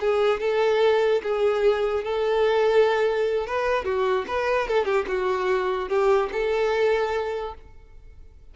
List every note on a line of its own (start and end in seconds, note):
0.00 0.40 G#4
0.40 1.22 A4
1.22 2.04 G#4
2.04 3.47 A4
3.47 3.84 B4
3.84 4.25 F#4
4.27 4.68 B4
4.68 4.85 A4
4.85 5.05 G4
5.08 5.89 F#4
5.89 6.30 G4
6.32 7.55 A4